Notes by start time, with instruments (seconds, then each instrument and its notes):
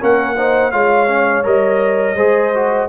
0.00 tuba A#3, trombone C#4, horn A#4, trumpet F#5
0.37 trombone D#4, horn C5
0.72 tuba G#3, trombone F4, horn C#5, trumpet F5
1.08 trombone C#4
1.44 tuba G3, trombone A#4, trumpet D#5
2.15 tuba G#3, trombone G#4, horn C5
2.55 trombone F#4